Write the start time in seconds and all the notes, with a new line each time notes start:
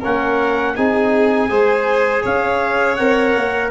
0.00 A#3 C#4 A#4 F#5
0.76 C4 D#4 G#4 G#5
1.50 G#3 G#4 C5
2.23 C#4 C#5 F5
2.96 C4 A#4 F#5
3.36 A#3